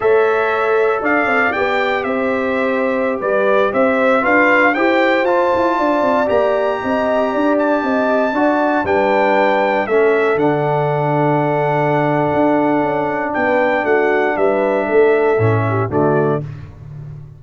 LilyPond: <<
  \new Staff \with { instrumentName = "trumpet" } { \time 4/4 \tempo 4 = 117 e''2 f''4 g''4 | e''2~ e''16 d''4 e''8.~ | e''16 f''4 g''4 a''4.~ a''16~ | a''16 ais''2~ ais''8 a''4~ a''16~ |
a''4~ a''16 g''2 e''8.~ | e''16 fis''2.~ fis''8.~ | fis''2 g''4 fis''4 | e''2. d''4 | }
  \new Staff \with { instrumentName = "horn" } { \time 4/4 cis''2 d''2 | c''2~ c''16 b'4 c''8.~ | c''16 b'4 c''2 d''8.~ | d''4~ d''16 dis''4 d''4 dis''8.~ |
dis''16 d''4 b'2 a'8.~ | a'1~ | a'2 b'4 fis'4 | b'4 a'4. g'8 fis'4 | }
  \new Staff \with { instrumentName = "trombone" } { \time 4/4 a'2. g'4~ | g'1~ | g'16 f'4 g'4 f'4.~ f'16~ | f'16 g'2.~ g'8.~ |
g'16 fis'4 d'2 cis'8.~ | cis'16 d'2.~ d'8.~ | d'1~ | d'2 cis'4 a4 | }
  \new Staff \with { instrumentName = "tuba" } { \time 4/4 a2 d'8 c'8 b4 | c'2~ c'16 g4 c'8.~ | c'16 d'4 e'4 f'8 e'8 d'8 c'16~ | c'16 ais4 c'4 d'4 c'8.~ |
c'16 d'4 g2 a8.~ | a16 d2.~ d8. | d'4 cis'4 b4 a4 | g4 a4 a,4 d4 | }
>>